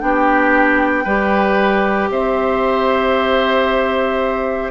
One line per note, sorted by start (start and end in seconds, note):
0.00 1.05 B3
0.00 1.05 D4
0.00 1.04 G4
0.00 2.11 G5
1.04 2.10 G3
1.04 4.71 G4
1.04 2.09 B4
2.10 4.71 C4
2.10 4.71 C5
2.10 4.71 E5